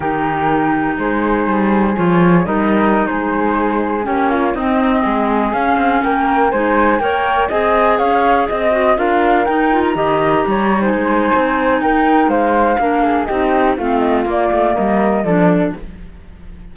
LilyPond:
<<
  \new Staff \with { instrumentName = "flute" } { \time 4/4 \tempo 4 = 122 ais'2 c''2 | cis''4 dis''4~ dis''16 c''4.~ c''16~ | c''16 cis''4 dis''2 f''8.~ | f''16 g''4 gis''4 g''4 gis''8.~ |
gis''16 f''4 dis''4 f''4 g''8. | ais''2 gis''2 | g''4 f''2 dis''4 | f''8 dis''8 d''4 dis''4 d''4 | }
  \new Staff \with { instrumentName = "flute" } { \time 4/4 g'2 gis'2~ | gis'4 ais'4~ ais'16 gis'4.~ gis'16~ | gis'16 g'8 f'8 dis'4 gis'4.~ gis'16~ | gis'16 ais'4 c''4 cis''4 dis''8.~ |
dis''16 cis''4 dis''4 ais'4.~ ais'16~ | ais'16 dis''4 cis''8. c''2 | ais'4 c''4 ais'8 gis'8 g'4 | f'2 ais'4 a'4 | }
  \new Staff \with { instrumentName = "clarinet" } { \time 4/4 dis'1 | f'4 dis'2.~ | dis'16 cis'4 c'2 cis'8.~ | cis'4~ cis'16 dis'4 ais'4 gis'8.~ |
gis'4.~ gis'16 fis'8 f'4 dis'8 f'16~ | f'16 g'4.~ g'16 dis'2~ | dis'2 d'4 dis'4 | c'4 ais2 d'4 | }
  \new Staff \with { instrumentName = "cello" } { \time 4/4 dis2 gis4 g4 | f4 g4~ g16 gis4.~ gis16~ | gis16 ais4 c'4 gis4 cis'8 c'16~ | c'16 ais4 gis4 ais4 c'8.~ |
c'16 cis'4 c'4 d'4 dis'8.~ | dis'16 dis4 g4 gis8. c'4 | dis'4 gis4 ais4 c'4 | a4 ais8 a8 g4 f4 | }
>>